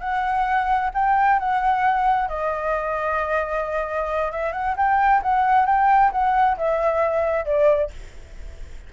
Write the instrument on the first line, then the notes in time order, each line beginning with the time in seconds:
flute
0.00 F#5
0.94 G5
1.39 F#5
2.28 D#5
4.31 E5
4.52 F#5
4.77 G5
5.22 F#5
5.66 G5
6.12 F#5
6.57 E5
7.45 D5